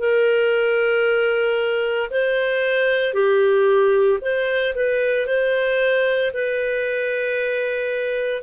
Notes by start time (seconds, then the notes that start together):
0.00 A#4
2.11 C5
3.14 G4
4.22 C5
4.76 B4
5.27 C5
6.33 B4